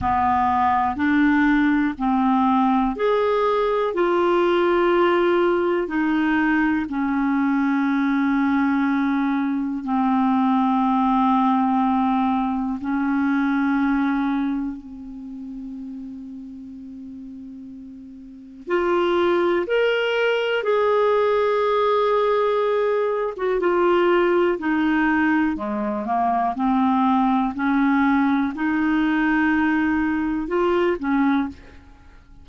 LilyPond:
\new Staff \with { instrumentName = "clarinet" } { \time 4/4 \tempo 4 = 61 b4 d'4 c'4 gis'4 | f'2 dis'4 cis'4~ | cis'2 c'2~ | c'4 cis'2 c'4~ |
c'2. f'4 | ais'4 gis'2~ gis'8. fis'16 | f'4 dis'4 gis8 ais8 c'4 | cis'4 dis'2 f'8 cis'8 | }